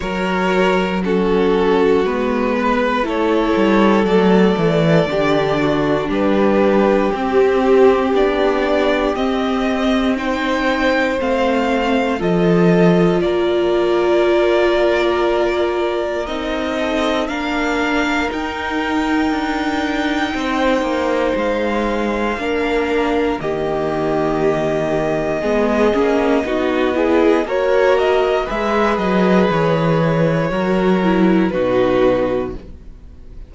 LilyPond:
<<
  \new Staff \with { instrumentName = "violin" } { \time 4/4 \tempo 4 = 59 cis''4 a'4 b'4 cis''4 | d''2 b'4 g'4 | d''4 dis''4 g''4 f''4 | dis''4 d''2. |
dis''4 f''4 g''2~ | g''4 f''2 dis''4~ | dis''2. cis''8 dis''8 | e''8 dis''8 cis''2 b'4 | }
  \new Staff \with { instrumentName = "violin" } { \time 4/4 ais'4 fis'4. b'8 a'4~ | a'4 g'8 fis'8 g'2~ | g'2 c''2 | a'4 ais'2.~ |
ais'8 a'8 ais'2. | c''2 ais'4 g'4~ | g'4 gis'4 fis'8 gis'8 ais'4 | b'2 ais'4 fis'4 | }
  \new Staff \with { instrumentName = "viola" } { \time 4/4 fis'4 cis'4 b4 e'4 | a4 d'2 c'4 | d'4 c'4 dis'4 c'4 | f'1 |
dis'4 d'4 dis'2~ | dis'2 d'4 ais4~ | ais4 b8 cis'8 dis'8 e'8 fis'4 | gis'2 fis'8 e'8 dis'4 | }
  \new Staff \with { instrumentName = "cello" } { \time 4/4 fis2 gis4 a8 g8 | fis8 e8 d4 g4 c'4 | b4 c'2 a4 | f4 ais2. |
c'4 ais4 dis'4 d'4 | c'8 ais8 gis4 ais4 dis4~ | dis4 gis8 ais8 b4 ais4 | gis8 fis8 e4 fis4 b,4 | }
>>